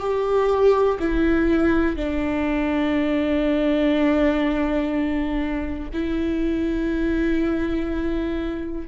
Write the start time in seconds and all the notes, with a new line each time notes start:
0.00 G4
0.99 E4
1.96 D4
5.93 E4